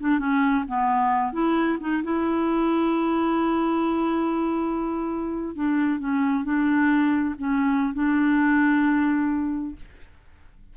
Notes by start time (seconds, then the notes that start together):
0.00 D4
0.19 C#4
0.68 B3
1.33 E4
1.80 D#4
2.03 E4
5.55 D4
5.99 C#4
6.44 D4
7.38 C#4
7.94 D4